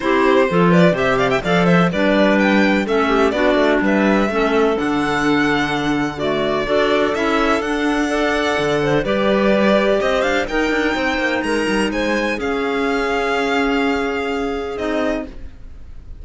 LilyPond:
<<
  \new Staff \with { instrumentName = "violin" } { \time 4/4 \tempo 4 = 126 c''4. d''8 e''8 f''16 g''16 f''8 e''8 | d''4 g''4 e''4 d''4 | e''2 fis''2~ | fis''4 d''2 e''4 |
fis''2. d''4~ | d''4 dis''8 f''8 g''2 | ais''4 gis''4 f''2~ | f''2. dis''4 | }
  \new Staff \with { instrumentName = "clarinet" } { \time 4/4 g'4 a'8 b'8 c''8 d''16 e''16 d''8 c''8 | b'2 a'8 g'8 fis'4 | b'4 a'2.~ | a'4 fis'4 a'2~ |
a'4 d''4. c''8 b'4~ | b'4 c''4 ais'4 c''4 | ais'4 c''4 gis'2~ | gis'1 | }
  \new Staff \with { instrumentName = "clarinet" } { \time 4/4 e'4 f'4 g'4 a'4 | d'2 cis'4 d'4~ | d'4 cis'4 d'2~ | d'4 a4 fis'4 e'4 |
d'4 a'2 g'4~ | g'2 dis'2~ | dis'2 cis'2~ | cis'2. dis'4 | }
  \new Staff \with { instrumentName = "cello" } { \time 4/4 c'4 f4 c4 f4 | g2 a4 b8 a8 | g4 a4 d2~ | d2 d'4 cis'4 |
d'2 d4 g4~ | g4 c'8 d'8 dis'8 d'8 c'8 ais8 | gis8 g8 gis4 cis'2~ | cis'2. c'4 | }
>>